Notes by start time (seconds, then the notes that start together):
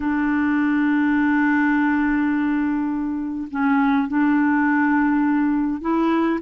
0.00 D4
3.51 C#4
4.08 D4
5.81 E4